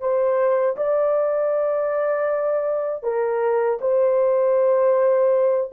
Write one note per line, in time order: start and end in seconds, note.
0.00 0.76 C5
0.76 3.03 D5
3.03 3.79 A#4
3.80 5.70 C5